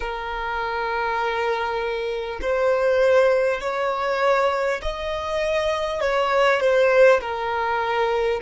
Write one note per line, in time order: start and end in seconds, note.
0.00 2.39 A#4
2.41 3.61 C5
3.61 4.81 C#5
4.82 6.01 D#5
6.01 6.60 C#5
6.60 7.20 C5
7.21 8.41 A#4